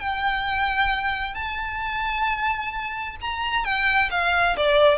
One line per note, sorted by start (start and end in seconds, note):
0.00 1.35 G5
1.35 3.16 A5
3.21 3.64 A#5
3.64 4.10 G5
4.11 4.56 F5
4.56 4.98 D5